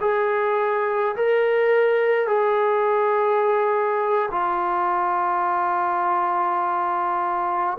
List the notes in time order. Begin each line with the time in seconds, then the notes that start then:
0.00 G#4
1.16 A#4
2.27 G#4
4.31 F4